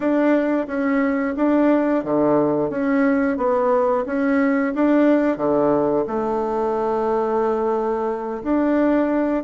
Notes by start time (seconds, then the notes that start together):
0.00 D4
0.67 C#4
1.36 D4
2.03 D3
2.70 C#4
3.37 B3
4.06 C#4
4.75 D4
5.37 D3
6.07 A3
8.43 D4